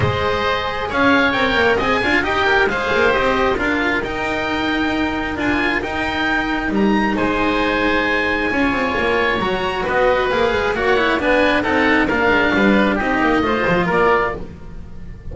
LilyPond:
<<
  \new Staff \with { instrumentName = "oboe" } { \time 4/4 \tempo 4 = 134 dis''2 f''4 g''4 | gis''4 g''4 f''4 dis''4 | f''4 g''2. | gis''4 g''2 ais''4 |
gis''1~ | gis''4 ais''4 dis''4 f''4 | fis''4 gis''4 fis''4 f''4~ | f''4 dis''2 d''4 | }
  \new Staff \with { instrumentName = "oboe" } { \time 4/4 c''2 cis''2 | dis''8 f''8 dis''8 ais'8 c''2 | ais'1~ | ais'1 |
c''2. cis''4~ | cis''2 b'2 | cis''4 b'4 a'4 ais'4 | b'4 g'4 c''4 ais'4 | }
  \new Staff \with { instrumentName = "cello" } { \time 4/4 gis'2. ais'4 | gis'8 f'8 g'4 gis'4 g'4 | f'4 dis'2. | f'4 dis'2.~ |
dis'2. f'4~ | f'4 fis'2 gis'4 | fis'8 e'8 d'4 dis'4 d'4~ | d'4 dis'4 f'2 | }
  \new Staff \with { instrumentName = "double bass" } { \time 4/4 gis2 cis'4 c'8 ais8 | c'8 d'8 dis'4 gis8 ais8 c'4 | d'4 dis'2. | d'4 dis'2 g4 |
gis2. cis'8 c'8 | ais4 fis4 b4 ais8 gis8 | ais4 b4 c'4 ais8 gis8 | g4 c'8 ais8 a8 f8 ais4 | }
>>